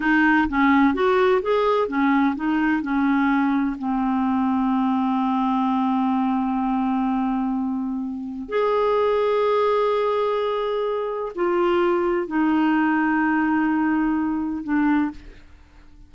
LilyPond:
\new Staff \with { instrumentName = "clarinet" } { \time 4/4 \tempo 4 = 127 dis'4 cis'4 fis'4 gis'4 | cis'4 dis'4 cis'2 | c'1~ | c'1~ |
c'2 gis'2~ | gis'1 | f'2 dis'2~ | dis'2. d'4 | }